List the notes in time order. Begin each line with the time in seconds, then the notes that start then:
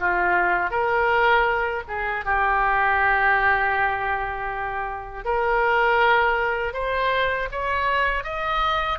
0.00 F4
0.71 A#4
1.88 G#4
2.25 G4
5.25 A#4
6.74 C5
7.52 C#5
8.24 D#5